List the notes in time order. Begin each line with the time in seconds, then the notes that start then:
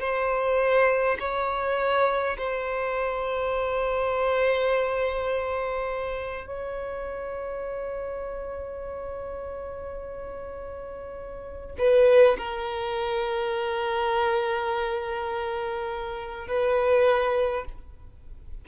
0.00 C5
1.20 C#5
2.38 C5
6.47 C#5
11.78 B4
12.38 A#4
16.48 B4